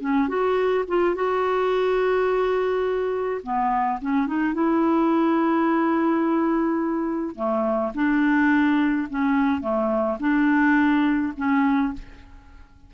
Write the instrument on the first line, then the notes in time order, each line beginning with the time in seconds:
clarinet
0.00 C#4
0.28 F#4
0.87 F4
1.15 F#4
3.43 B3
4.01 C#4
4.27 D#4
4.53 E4
7.35 A3
7.95 D4
9.10 C#4
9.61 A3
10.20 D4
11.37 C#4